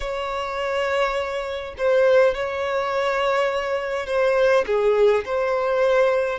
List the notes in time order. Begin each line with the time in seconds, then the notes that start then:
0.00 C#5
1.77 C5
2.34 C#5
4.06 C5
4.66 G#4
5.25 C5